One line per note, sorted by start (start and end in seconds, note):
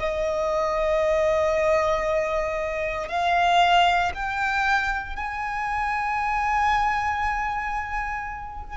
0.00 3.08 D#5
3.08 4.12 F5
4.15 5.16 G5
5.16 8.77 G#5